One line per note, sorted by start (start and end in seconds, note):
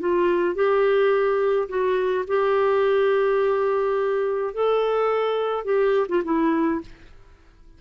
0.00 0.55 F4
0.55 1.68 G4
1.69 2.25 F#4
2.27 4.54 G4
4.54 5.64 A4
5.64 6.07 G4
6.09 6.23 F4
6.24 6.81 E4